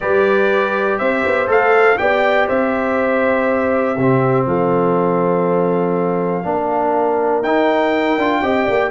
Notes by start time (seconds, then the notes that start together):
0.00 G3 G4 B4 D5
0.98 C4 C5 E5
1.26 B3
1.47 A3 A4 F5
1.98 B3 G4 D5 G5
2.47 C4 C5 E5
3.95 C3 C4 G4
4.46 F3 A4 F5
6.43 A#3 D4 A#4
7.42 D#4 G5
8.17 D4 F4
8.41 C4 G4 D#5
8.65 A#3 D5